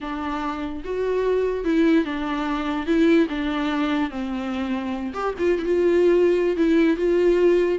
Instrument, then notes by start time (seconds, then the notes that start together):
viola
0.01 D4
0.84 F#4
1.64 E4
2.04 D4
2.86 E4
3.29 D4
4.10 C4
5.13 G4
5.38 F4
5.58 E4 F4
6.56 E4
6.96 F4